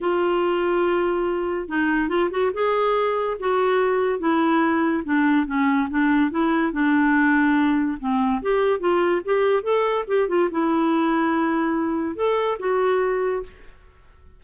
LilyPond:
\new Staff \with { instrumentName = "clarinet" } { \time 4/4 \tempo 4 = 143 f'1 | dis'4 f'8 fis'8 gis'2 | fis'2 e'2 | d'4 cis'4 d'4 e'4 |
d'2. c'4 | g'4 f'4 g'4 a'4 | g'8 f'8 e'2.~ | e'4 a'4 fis'2 | }